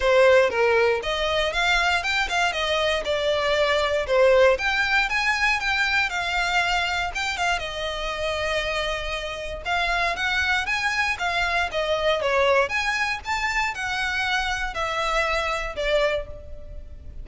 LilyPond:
\new Staff \with { instrumentName = "violin" } { \time 4/4 \tempo 4 = 118 c''4 ais'4 dis''4 f''4 | g''8 f''8 dis''4 d''2 | c''4 g''4 gis''4 g''4 | f''2 g''8 f''8 dis''4~ |
dis''2. f''4 | fis''4 gis''4 f''4 dis''4 | cis''4 gis''4 a''4 fis''4~ | fis''4 e''2 d''4 | }